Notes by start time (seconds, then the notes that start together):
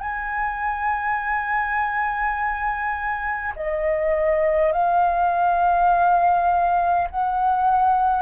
0.00 G#5
3.56 D#5
4.73 F5
7.10 F#5